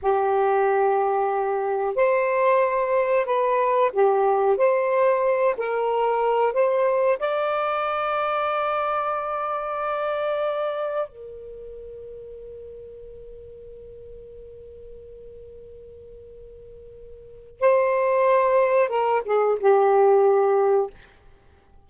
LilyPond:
\new Staff \with { instrumentName = "saxophone" } { \time 4/4 \tempo 4 = 92 g'2. c''4~ | c''4 b'4 g'4 c''4~ | c''8 ais'4. c''4 d''4~ | d''1~ |
d''4 ais'2.~ | ais'1~ | ais'2. c''4~ | c''4 ais'8 gis'8 g'2 | }